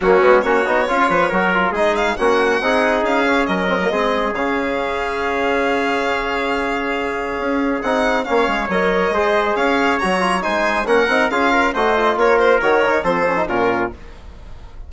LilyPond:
<<
  \new Staff \with { instrumentName = "violin" } { \time 4/4 \tempo 4 = 138 fis'4 cis''2. | dis''8 f''8 fis''2 f''4 | dis''2 f''2~ | f''1~ |
f''2 fis''4 f''4 | dis''2 f''4 ais''4 | gis''4 fis''4 f''4 dis''4 | cis''8 c''8 cis''4 c''4 ais'4 | }
  \new Staff \with { instrumentName = "trumpet" } { \time 4/4 cis'4 fis'4 f'8 b'8 ais'4 | gis'4 fis'4 gis'2 | ais'4 gis'2.~ | gis'1~ |
gis'2. cis''4~ | cis''4 c''4 cis''2 | c''4 ais'4 gis'8 ais'8 c''4 | ais'2 a'4 f'4 | }
  \new Staff \with { instrumentName = "trombone" } { \time 4/4 ais8 b8 cis'8 dis'8 f'4 fis'8 f'8 | dis'4 cis'4 dis'4. cis'8~ | cis'8 c'16 ais16 c'4 cis'2~ | cis'1~ |
cis'2 dis'4 cis'4 | ais'4 gis'2 fis'8 f'8 | dis'4 cis'8 dis'8 f'4 fis'8 f'8~ | f'4 fis'8 dis'8 c'8 cis'16 dis'16 cis'4 | }
  \new Staff \with { instrumentName = "bassoon" } { \time 4/4 fis8 gis8 ais8 b8 cis'8 f8 fis4 | gis4 ais4 c'4 cis'4 | fis4 gis4 cis2~ | cis1~ |
cis4 cis'4 c'4 ais8 gis8 | fis4 gis4 cis'4 fis4 | gis4 ais8 c'8 cis'4 a4 | ais4 dis4 f4 ais,4 | }
>>